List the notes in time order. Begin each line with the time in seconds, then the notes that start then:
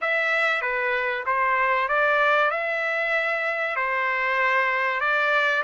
0.01 E5
0.61 B4
1.26 C5
1.88 D5
2.51 E5
3.76 C5
5.00 D5